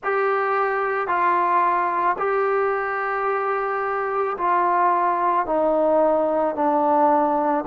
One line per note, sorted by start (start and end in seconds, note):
0.03 1.07 G4
1.07 2.16 F4
2.18 4.36 G4
4.37 5.45 F4
5.45 6.55 D#4
6.55 7.64 D4